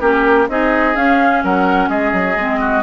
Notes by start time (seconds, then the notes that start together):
0.00 A#3 C#4 G4 A#4
0.48 C4 D#4 G#4 D#5
0.95 C#4 F5
1.43 F#3 A#4 F#5
1.88 G#3 G#4 D#5
2.13 F#3
2.36 G#3 C4
2.60 F#4